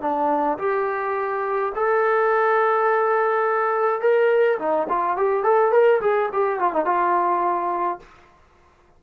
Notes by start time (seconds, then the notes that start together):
0.00 D4
0.58 G4
1.75 A4
4.01 A#4
4.58 D#4
4.89 F4
5.16 G4
5.43 A4
5.71 A#4
6.01 G#4
6.32 G4
6.59 F4
6.73 D#4
6.84 F4